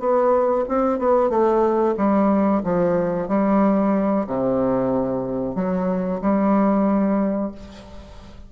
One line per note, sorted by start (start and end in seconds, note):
0.00 0.66 B3
0.69 0.99 C4
0.99 1.30 B3
1.30 1.95 A3
1.98 2.63 G3
2.64 3.28 F3
3.28 4.26 G3
4.27 5.56 C3
5.56 6.21 F#3
6.22 7.52 G3